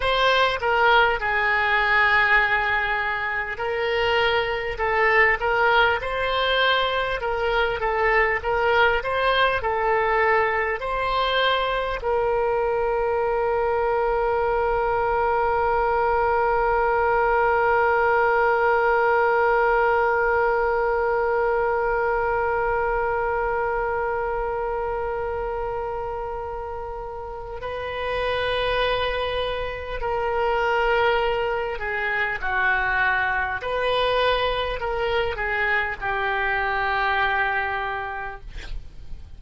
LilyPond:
\new Staff \with { instrumentName = "oboe" } { \time 4/4 \tempo 4 = 50 c''8 ais'8 gis'2 ais'4 | a'8 ais'8 c''4 ais'8 a'8 ais'8 c''8 | a'4 c''4 ais'2~ | ais'1~ |
ais'1~ | ais'2. b'4~ | b'4 ais'4. gis'8 fis'4 | b'4 ais'8 gis'8 g'2 | }